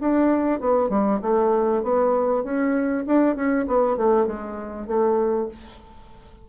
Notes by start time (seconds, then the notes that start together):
0.00 D4
0.60 B3
0.89 G3
1.21 A3
1.83 B3
2.43 C#4
3.06 D4
3.35 C#4
3.67 B3
3.96 A3
4.26 G#3
4.87 A3